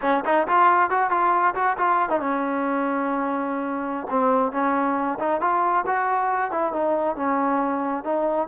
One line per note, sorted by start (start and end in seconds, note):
0.01 0.23 C#4
0.25 0.47 D#4
0.47 0.90 F4
0.90 1.10 F#4
1.10 1.54 F4
1.54 1.76 F#4
1.77 2.09 F4
2.09 2.19 D#4
2.19 4.07 C#4
4.09 4.52 C4
4.52 5.18 C#4
5.19 5.40 D#4
5.40 5.85 F4
5.86 6.51 F#4
6.51 6.72 E4
6.72 7.16 D#4
7.16 8.04 C#4
8.04 8.47 D#4